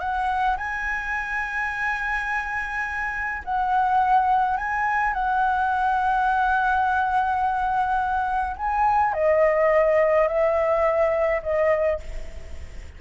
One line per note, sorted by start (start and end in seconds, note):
0.00 0.57 F#5
0.57 3.43 G#5
3.45 4.57 F#5
4.57 5.14 G#5
5.14 8.57 F#5
8.57 9.14 G#5
9.14 10.28 D#5
10.28 11.42 E5
11.43 12.00 D#5